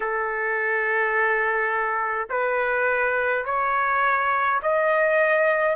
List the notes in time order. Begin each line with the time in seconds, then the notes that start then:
0.00 A4
2.29 B4
3.45 C#5
4.62 D#5